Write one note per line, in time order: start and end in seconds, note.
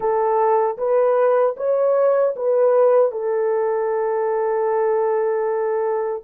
0.00 0.77 A4
0.77 1.55 B4
1.56 2.34 C#5
2.36 3.11 B4
3.11 6.23 A4